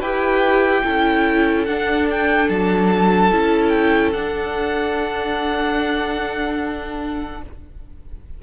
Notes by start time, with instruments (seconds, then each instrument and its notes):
0.00 cello E4, viola G4, violin B4 G5
0.84 cello C#4, viola E4, violin A4
1.65 cello D4, viola D4, violin F#5
2.11 violin G5
2.49 cello F#3, violin A5
3.31 cello C#4, viola E4
3.69 violin G5
4.13 cello D4, viola D4, violin F#5